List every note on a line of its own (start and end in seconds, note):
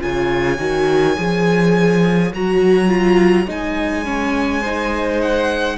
0.00 0.59 C#3
0.00 0.58 F4
0.00 4.61 C#5
0.00 2.32 G#5
0.58 1.17 D#3
0.58 1.16 F#4
1.16 2.32 F3
1.16 2.32 G#4
2.32 3.47 F#3
2.32 2.88 F#4
2.32 3.50 A#5
2.88 3.46 F4
3.47 5.77 G#3
3.47 4.04 D#4
3.47 5.21 G#5
4.04 4.62 C#4
4.61 5.78 D#4
4.61 5.76 C5
5.21 5.78 F#5